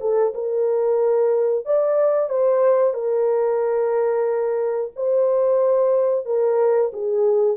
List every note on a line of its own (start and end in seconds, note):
0.00 0.33 A4
0.34 1.65 A#4
1.65 2.29 D5
2.29 2.93 C5
2.93 4.91 A#4
4.95 6.25 C5
6.25 6.91 A#4
6.93 7.57 G#4